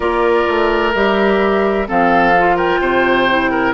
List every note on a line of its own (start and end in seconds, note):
0.00 0.44 A#3
0.00 0.93 F4
0.00 1.88 A#4
0.00 0.93 D5
0.48 0.95 A3
0.94 1.88 G3
0.94 1.87 G4
0.94 1.88 E5
1.87 2.80 F3
1.87 2.33 C4
1.87 2.56 A4
1.87 2.56 F5
2.38 3.29 F4
2.56 2.79 A#4
2.56 3.74 G5
2.80 3.73 C3
2.80 3.50 C5
3.29 3.74 E4
3.50 3.74 A#4